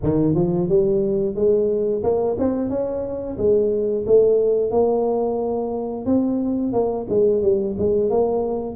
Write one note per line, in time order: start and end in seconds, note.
0.02 0.35 D#3
0.35 0.68 F3
0.69 1.35 G3
1.35 2.02 G#3
2.03 2.36 A#3
2.38 2.69 C4
2.69 3.37 C#4
3.37 4.04 G#3
4.06 4.70 A3
4.70 6.05 A#3
6.05 6.72 C4
6.72 7.06 A#3
7.09 7.42 G#3
7.42 7.76 G3
7.78 8.09 G#3
8.09 8.76 A#3